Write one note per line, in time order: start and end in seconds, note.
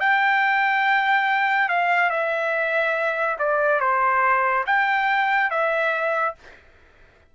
0.00 1.69 G5
1.69 2.10 F5
2.10 3.36 E5
3.39 3.80 D5
3.80 4.64 C5
4.66 5.50 G5
5.50 6.35 E5